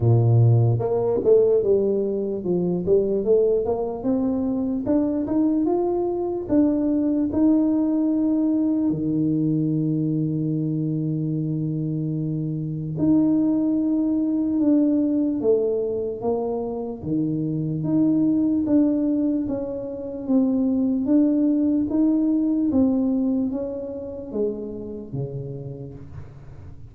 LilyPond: \new Staff \with { instrumentName = "tuba" } { \time 4/4 \tempo 4 = 74 ais,4 ais8 a8 g4 f8 g8 | a8 ais8 c'4 d'8 dis'8 f'4 | d'4 dis'2 dis4~ | dis1 |
dis'2 d'4 a4 | ais4 dis4 dis'4 d'4 | cis'4 c'4 d'4 dis'4 | c'4 cis'4 gis4 cis4 | }